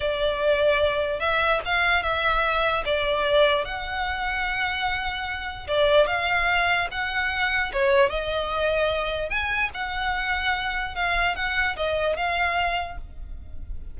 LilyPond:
\new Staff \with { instrumentName = "violin" } { \time 4/4 \tempo 4 = 148 d''2. e''4 | f''4 e''2 d''4~ | d''4 fis''2.~ | fis''2 d''4 f''4~ |
f''4 fis''2 cis''4 | dis''2. gis''4 | fis''2. f''4 | fis''4 dis''4 f''2 | }